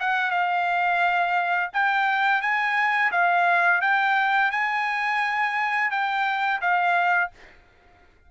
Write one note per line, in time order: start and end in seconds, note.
0.00 0.31 F#5
0.31 1.70 F5
1.73 2.42 G5
2.42 3.11 G#5
3.12 3.81 F5
3.81 4.51 G5
4.51 5.91 G#5
5.91 6.61 G5
6.61 7.31 F5